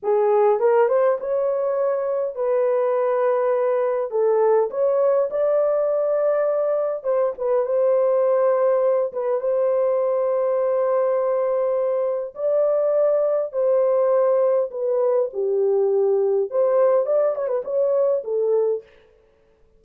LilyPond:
\new Staff \with { instrumentName = "horn" } { \time 4/4 \tempo 4 = 102 gis'4 ais'8 c''8 cis''2 | b'2. a'4 | cis''4 d''2. | c''8 b'8 c''2~ c''8 b'8 |
c''1~ | c''4 d''2 c''4~ | c''4 b'4 g'2 | c''4 d''8 cis''16 b'16 cis''4 a'4 | }